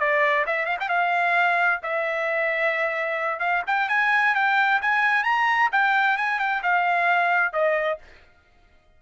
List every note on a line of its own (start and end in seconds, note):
0.00 0.46 D5
0.47 0.66 E5
0.66 0.77 F5
0.80 0.89 G5
0.89 1.81 F5
1.83 3.40 E5
3.40 3.63 F5
3.67 3.90 G5
3.90 4.35 G#5
4.35 4.81 G5
4.82 5.24 G#5
5.24 5.70 A#5
5.73 6.17 G5
6.17 6.40 G#5
6.40 6.63 G5
6.63 7.53 F5
7.53 7.99 D#5